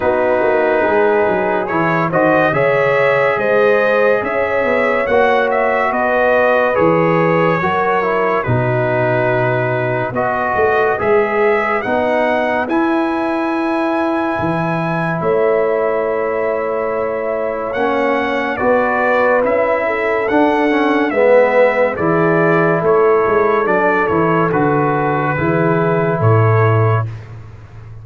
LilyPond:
<<
  \new Staff \with { instrumentName = "trumpet" } { \time 4/4 \tempo 4 = 71 b'2 cis''8 dis''8 e''4 | dis''4 e''4 fis''8 e''8 dis''4 | cis''2 b'2 | dis''4 e''4 fis''4 gis''4~ |
gis''2 e''2~ | e''4 fis''4 d''4 e''4 | fis''4 e''4 d''4 cis''4 | d''8 cis''8 b'2 cis''4 | }
  \new Staff \with { instrumentName = "horn" } { \time 4/4 fis'4 gis'4. c''8 cis''4 | c''4 cis''2 b'4~ | b'4 ais'4 fis'2 | b'1~ |
b'2 cis''2~ | cis''2 b'4. a'8~ | a'4 b'4 gis'4 a'4~ | a'2 gis'4 a'4 | }
  \new Staff \with { instrumentName = "trombone" } { \time 4/4 dis'2 e'8 fis'8 gis'4~ | gis'2 fis'2 | gis'4 fis'8 e'8 dis'2 | fis'4 gis'4 dis'4 e'4~ |
e'1~ | e'4 cis'4 fis'4 e'4 | d'8 cis'8 b4 e'2 | d'8 e'8 fis'4 e'2 | }
  \new Staff \with { instrumentName = "tuba" } { \time 4/4 b8 ais8 gis8 fis8 e8 dis8 cis4 | gis4 cis'8 b8 ais4 b4 | e4 fis4 b,2 | b8 a8 gis4 b4 e'4~ |
e'4 e4 a2~ | a4 ais4 b4 cis'4 | d'4 gis4 e4 a8 gis8 | fis8 e8 d4 e4 a,4 | }
>>